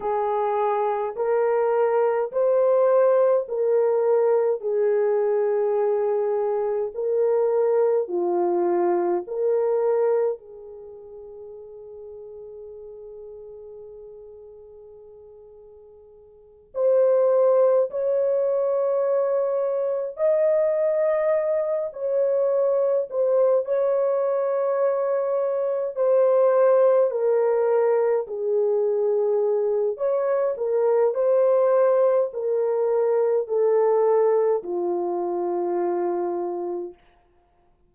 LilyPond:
\new Staff \with { instrumentName = "horn" } { \time 4/4 \tempo 4 = 52 gis'4 ais'4 c''4 ais'4 | gis'2 ais'4 f'4 | ais'4 gis'2.~ | gis'2~ gis'8 c''4 cis''8~ |
cis''4. dis''4. cis''4 | c''8 cis''2 c''4 ais'8~ | ais'8 gis'4. cis''8 ais'8 c''4 | ais'4 a'4 f'2 | }